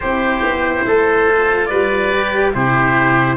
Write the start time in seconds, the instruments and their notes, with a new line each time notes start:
0.00 tuba C4, cello E4, oboe G4, trumpet C5
0.42 tuba B3
0.86 tuba A3, oboe A4
1.27 cello F4
1.65 tuba G3, oboe B4, trumpet D5
2.13 cello G4
2.53 tuba C3, cello E4, oboe G4, trumpet C5